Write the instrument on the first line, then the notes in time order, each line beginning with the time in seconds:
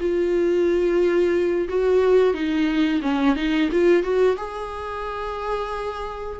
viola
0.00 F4
1.69 F#4
2.34 D#4
3.02 C#4
3.36 D#4
3.72 F4
4.03 F#4
4.37 G#4